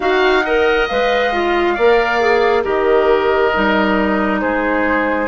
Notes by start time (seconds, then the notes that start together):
0.00 D#4 F#4 F5 F#5
0.45 A#4 D#5
0.87 G#3 B4 F5
1.32 F4
1.74 A#3 A#4 D5
2.20 G#4
2.63 D#3 G4 A#4 D#5
3.53 G3 D#4
4.40 G#3 G#4 C5